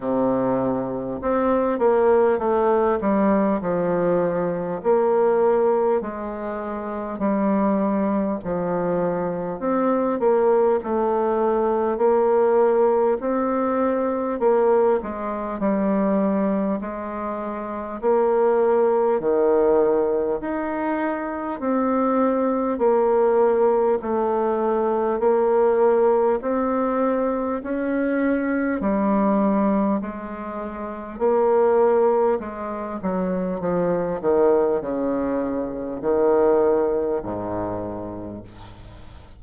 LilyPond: \new Staff \with { instrumentName = "bassoon" } { \time 4/4 \tempo 4 = 50 c4 c'8 ais8 a8 g8 f4 | ais4 gis4 g4 f4 | c'8 ais8 a4 ais4 c'4 | ais8 gis8 g4 gis4 ais4 |
dis4 dis'4 c'4 ais4 | a4 ais4 c'4 cis'4 | g4 gis4 ais4 gis8 fis8 | f8 dis8 cis4 dis4 gis,4 | }